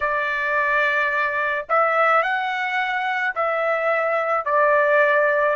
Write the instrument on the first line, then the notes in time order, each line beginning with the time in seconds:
trumpet
0.00 D5
1.69 E5
2.22 F#5
3.35 E5
4.45 D5